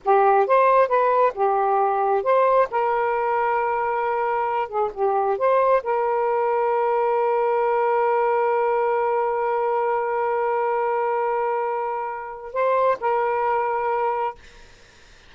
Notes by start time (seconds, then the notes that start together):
0.04 G4
0.46 C5
0.88 B4
1.34 G4
2.23 C5
2.70 A#4
4.68 G#4
4.93 G4
5.37 C5
5.83 A#4
12.53 C5
13.00 A#4